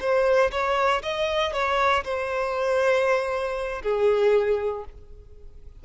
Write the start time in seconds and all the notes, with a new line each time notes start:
0.00 C5
0.51 C#5
1.02 D#5
1.53 C#5
2.04 C5
3.82 G#4